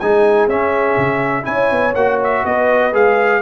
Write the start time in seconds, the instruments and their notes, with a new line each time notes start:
0.00 tuba G#3, trombone D#4, horn G#4, trumpet G#5
0.48 tuba C#4, trombone C#4, trumpet E5
0.98 tuba C#3
1.43 tuba C#4, trombone E4, horn C#5, trumpet G#5
1.71 tuba B3
1.95 tuba A#3, trombone F#4, trumpet F#5
2.24 trumpet E5
2.46 tuba B3, horn B4, trumpet D#5
2.93 tuba G#3, trombone G#4, trumpet F5